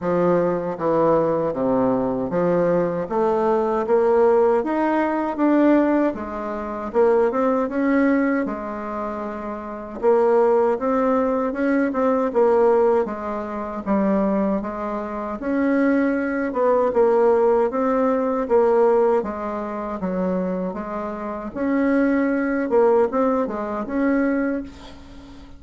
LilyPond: \new Staff \with { instrumentName = "bassoon" } { \time 4/4 \tempo 4 = 78 f4 e4 c4 f4 | a4 ais4 dis'4 d'4 | gis4 ais8 c'8 cis'4 gis4~ | gis4 ais4 c'4 cis'8 c'8 |
ais4 gis4 g4 gis4 | cis'4. b8 ais4 c'4 | ais4 gis4 fis4 gis4 | cis'4. ais8 c'8 gis8 cis'4 | }